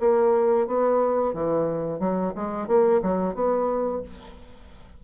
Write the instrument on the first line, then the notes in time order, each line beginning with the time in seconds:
bassoon
0.00 A#3
0.67 B3
1.33 E3
1.99 F#3
2.35 G#3
2.68 A#3
3.02 F#3
3.34 B3